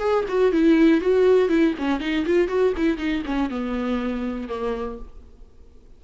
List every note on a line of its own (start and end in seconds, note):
0.00 0.25 G#4
0.29 0.53 F#4
0.53 1.01 E4
1.01 1.49 F#4
1.49 1.74 E4
1.79 2.01 C#4
2.01 2.26 D#4
2.26 2.49 F4
2.49 2.74 F#4
2.77 2.98 E4
2.98 3.23 D#4
3.26 3.50 C#4
3.50 4.49 B3
4.49 4.99 A#3